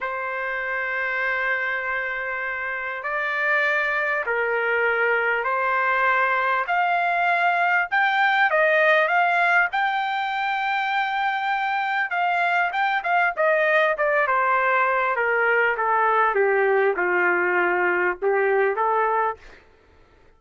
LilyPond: \new Staff \with { instrumentName = "trumpet" } { \time 4/4 \tempo 4 = 99 c''1~ | c''4 d''2 ais'4~ | ais'4 c''2 f''4~ | f''4 g''4 dis''4 f''4 |
g''1 | f''4 g''8 f''8 dis''4 d''8 c''8~ | c''4 ais'4 a'4 g'4 | f'2 g'4 a'4 | }